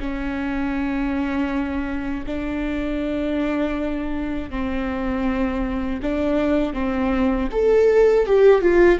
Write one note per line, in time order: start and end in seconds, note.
0.00 2.25 C#4
2.26 4.50 D4
4.50 6.00 C4
6.02 6.73 D4
6.73 7.48 C4
7.52 8.26 A4
8.26 8.61 G4
8.61 8.99 F4